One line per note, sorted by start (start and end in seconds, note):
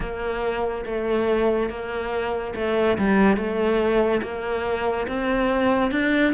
0.00 0.85 A#3
0.85 1.69 A3
1.69 2.54 A#3
2.55 2.97 A3
2.98 3.36 G3
3.36 4.21 A3
4.22 5.07 A#3
5.07 5.91 C4
5.91 6.33 D4